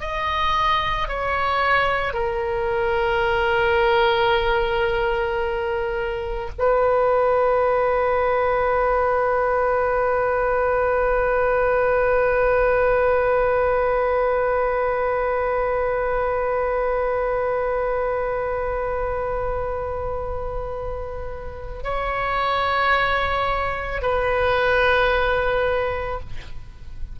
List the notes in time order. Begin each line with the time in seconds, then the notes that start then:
0.00 D#5
1.08 C#5
2.13 A#4
6.59 B4
21.83 C#5
24.01 B4